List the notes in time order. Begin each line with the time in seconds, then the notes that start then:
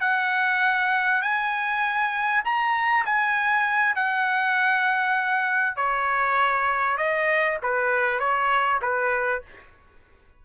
0.00 F#5
1.22 G#5
2.44 A#5
3.05 G#5
3.95 F#5
5.76 C#5
6.97 D#5
7.62 B4
8.19 C#5
8.81 B4